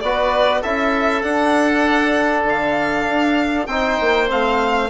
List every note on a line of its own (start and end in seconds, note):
0.00 0.63 B3
0.00 0.64 F#4
0.00 0.61 B4
0.00 0.61 D5
0.61 1.23 C#4
0.61 1.23 E4
0.61 3.67 A4
0.61 1.22 E5
1.22 3.67 D4
1.22 2.44 D4
1.22 2.45 F#5
2.44 3.05 D3
2.44 3.66 F5
3.09 3.67 D4
3.66 3.97 C4
3.66 4.28 D#4
3.66 4.90 C5
3.66 4.28 G5
4.00 4.31 A#3
4.28 4.90 A3
4.28 4.89 C4
4.28 4.90 F5